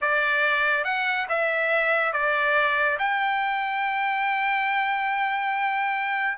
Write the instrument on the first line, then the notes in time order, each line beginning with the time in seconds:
trumpet
0.01 D5
0.84 F#5
1.28 E5
2.12 D5
2.98 G5